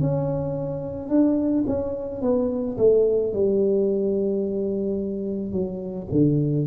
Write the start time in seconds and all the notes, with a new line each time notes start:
0.00 C#4
1.09 D4
1.66 C#4
2.21 B3
2.77 A3
3.33 G3
5.52 F#3
6.11 D3